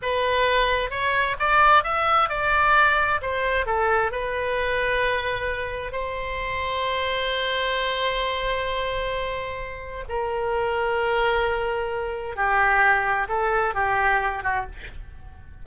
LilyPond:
\new Staff \with { instrumentName = "oboe" } { \time 4/4 \tempo 4 = 131 b'2 cis''4 d''4 | e''4 d''2 c''4 | a'4 b'2.~ | b'4 c''2.~ |
c''1~ | c''2 ais'2~ | ais'2. g'4~ | g'4 a'4 g'4. fis'8 | }